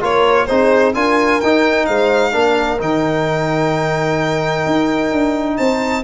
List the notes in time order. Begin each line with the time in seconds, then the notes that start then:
0.00 A#3 F4 A#4 C#5
0.46 C4 D#4 G#4 C5
0.94 D4 F4 A#4 G#5
1.40 D#4 G5
1.85 G#3 C5 F5
2.31 A#3 D4 A#4
2.79 D#3 D#4 G5
4.66 D#4
5.11 D4
5.56 C4 C5 A5